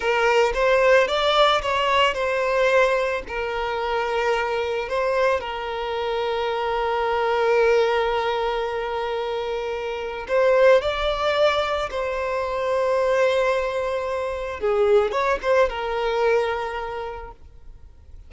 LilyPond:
\new Staff \with { instrumentName = "violin" } { \time 4/4 \tempo 4 = 111 ais'4 c''4 d''4 cis''4 | c''2 ais'2~ | ais'4 c''4 ais'2~ | ais'1~ |
ais'2. c''4 | d''2 c''2~ | c''2. gis'4 | cis''8 c''8 ais'2. | }